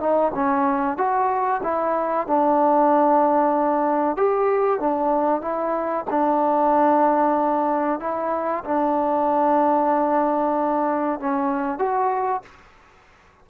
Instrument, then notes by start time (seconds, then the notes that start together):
trombone
0.00 D#4
0.35 C#4
0.97 F#4
1.63 E4
2.27 D4
4.17 G4
4.80 D4
5.41 E4
6.10 D4
8.00 E4
8.65 D4
11.20 C#4
11.79 F#4